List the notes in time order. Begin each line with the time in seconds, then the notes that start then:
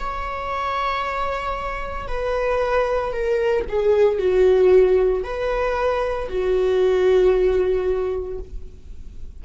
0.00 C#5
2.08 B4
3.13 A#4
3.69 G#4
4.19 F#4
5.24 B4
6.29 F#4